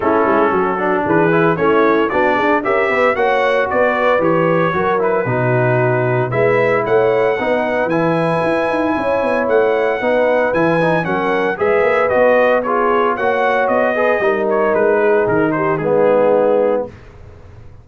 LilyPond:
<<
  \new Staff \with { instrumentName = "trumpet" } { \time 4/4 \tempo 4 = 114 a'2 b'4 cis''4 | d''4 e''4 fis''4 d''4 | cis''4. b'2~ b'8 | e''4 fis''2 gis''4~ |
gis''2 fis''2 | gis''4 fis''4 e''4 dis''4 | cis''4 fis''4 dis''4. cis''8 | b'4 ais'8 c''8 gis'2 | }
  \new Staff \with { instrumentName = "horn" } { \time 4/4 e'4 fis'4 gis'4 e'4 | fis'8 gis'8 ais'8 b'8 cis''4 b'4~ | b'4 ais'4 fis'2 | b'4 cis''4 b'2~ |
b'4 cis''2 b'4~ | b'4 ais'4 b'2 | gis'4 cis''4. b'8 ais'4~ | ais'8 gis'4 g'8 dis'2 | }
  \new Staff \with { instrumentName = "trombone" } { \time 4/4 cis'4. d'4 e'8 cis'4 | d'4 g'4 fis'2 | g'4 fis'8 e'8 dis'2 | e'2 dis'4 e'4~ |
e'2. dis'4 | e'8 dis'8 cis'4 gis'4 fis'4 | f'4 fis'4. gis'8 dis'4~ | dis'2 b2 | }
  \new Staff \with { instrumentName = "tuba" } { \time 4/4 a8 gis8 fis4 e4 a4 | b8 d'8 cis'8 b8 ais4 b4 | e4 fis4 b,2 | gis4 a4 b4 e4 |
e'8 dis'8 cis'8 b8 a4 b4 | e4 fis4 gis8 ais8 b4~ | b4 ais4 b4 g4 | gis4 dis4 gis2 | }
>>